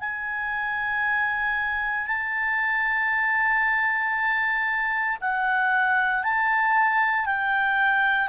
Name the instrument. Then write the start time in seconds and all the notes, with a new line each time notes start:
clarinet
0.00 G#5
2.06 A5
5.21 F#5
6.23 A5
7.26 G5